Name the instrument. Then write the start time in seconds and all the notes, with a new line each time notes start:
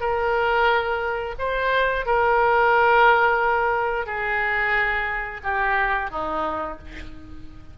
oboe
0.00 A#4
1.38 C5
2.06 A#4
4.06 G#4
5.43 G4
6.10 D#4